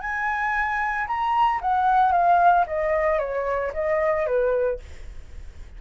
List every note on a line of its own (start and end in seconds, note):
0.00 1.06 G#5
1.07 1.60 A#5
1.61 2.12 F#5
2.12 2.65 F5
2.66 3.18 D#5
3.18 3.71 C#5
3.73 4.26 D#5
4.26 4.79 B4